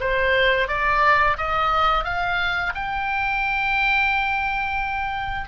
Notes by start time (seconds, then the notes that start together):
0.00 C5
0.67 D5
1.37 D#5
2.04 F5
2.74 G5